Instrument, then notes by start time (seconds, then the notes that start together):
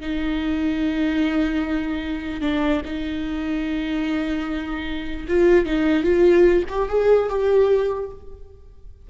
viola
0.00 D#4
2.41 D4
2.85 D#4
5.28 F4
5.65 D#4
6.03 F4
6.68 G4
6.89 G#4
7.29 G4